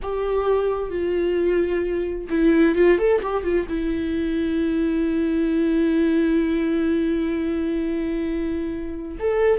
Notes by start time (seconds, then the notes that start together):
0.02 G4
0.90 F4
2.29 E4
2.75 F4
2.98 A4
3.22 G4
3.43 F4
3.68 E4
9.19 A4